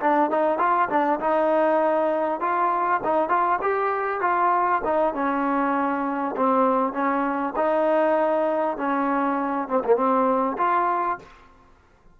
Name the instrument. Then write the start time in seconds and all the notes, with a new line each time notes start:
trombone
0.00 D4
0.30 D#4
0.59 F4
0.90 D4
1.20 D#4
2.40 F4
3.04 D#4
3.29 F4
3.61 G4
4.21 F4
4.85 D#4
5.14 C#4
6.37 C4
6.93 C#4
7.56 D#4
8.77 C#4
9.68 C4
9.85 A#3
9.96 C4
10.58 F4